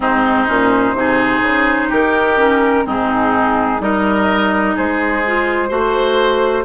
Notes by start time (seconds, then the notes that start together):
0.00 G#2 C4 D#4 C5
0.47 A#2 C#4
0.94 C3 D#4 G#4
1.42 C#3
1.88 D#3 G4 A#4
2.37 C#4
2.84 G#2 C4 D#4 G#4
3.80 G3 D#4 A#4 D#5
4.75 G#3 G#4 C5
5.26 F4
5.68 A3 F#4 C5